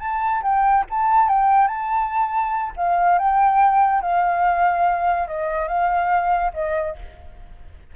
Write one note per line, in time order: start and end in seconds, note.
0.00 0.42 A5
0.43 0.85 G5
0.90 1.29 A5
1.29 1.68 G5
1.68 2.73 A5
2.77 3.19 F5
3.19 4.02 G5
4.02 5.28 F5
5.28 5.68 D#5
5.68 6.52 F5
6.54 6.96 D#5